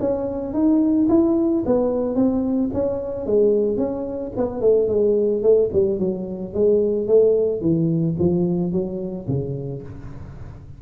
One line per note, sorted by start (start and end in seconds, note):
0.00 0.53 C#4
0.53 1.08 D#4
1.09 1.64 E4
1.66 2.15 B3
2.15 2.70 C4
2.73 3.26 C#4
3.26 3.77 G#3
3.77 4.32 C#4
4.36 4.61 B3
4.61 4.88 A3
4.88 5.42 G#3
5.42 5.70 A3
5.73 5.99 G3
5.99 6.54 F#3
6.54 7.08 G#3
7.08 7.61 A3
7.61 8.16 E3
8.19 8.72 F3
8.72 9.27 F#3
9.28 9.82 C#3